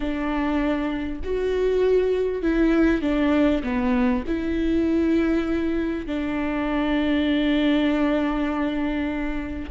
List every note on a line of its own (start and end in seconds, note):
0.00 1.20 D4
1.24 2.42 F#4
2.42 3.01 E4
3.01 3.62 D4
3.63 4.23 B3
4.27 6.06 E4
6.06 9.70 D4